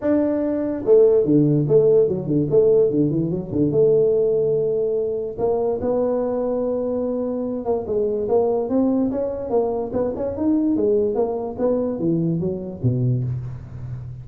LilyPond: \new Staff \with { instrumentName = "tuba" } { \time 4/4 \tempo 4 = 145 d'2 a4 d4 | a4 fis8 d8 a4 d8 e8 | fis8 d8 a2.~ | a4 ais4 b2~ |
b2~ b8 ais8 gis4 | ais4 c'4 cis'4 ais4 | b8 cis'8 dis'4 gis4 ais4 | b4 e4 fis4 b,4 | }